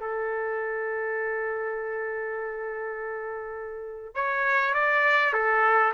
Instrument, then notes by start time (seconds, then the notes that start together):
trumpet
0.00 A4
4.15 C#5
4.74 D5
5.33 A4